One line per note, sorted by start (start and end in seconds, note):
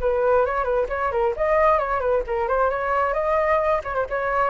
0.00 0.45 B4
0.45 0.64 C#5
0.64 0.86 B4
0.89 1.11 C#5
1.12 1.34 A#4
1.36 1.78 D#5
1.78 2.00 C#5
2.00 2.22 B4
2.26 2.48 A#4
2.48 2.70 C5
2.70 3.13 C#5
3.13 3.81 D#5
3.84 3.95 C#5
3.95 4.06 C5
4.09 4.50 C#5